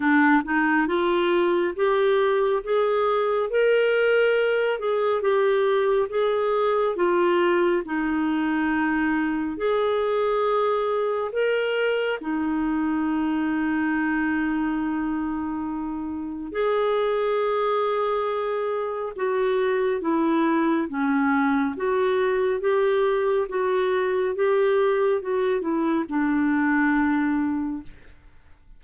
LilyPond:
\new Staff \with { instrumentName = "clarinet" } { \time 4/4 \tempo 4 = 69 d'8 dis'8 f'4 g'4 gis'4 | ais'4. gis'8 g'4 gis'4 | f'4 dis'2 gis'4~ | gis'4 ais'4 dis'2~ |
dis'2. gis'4~ | gis'2 fis'4 e'4 | cis'4 fis'4 g'4 fis'4 | g'4 fis'8 e'8 d'2 | }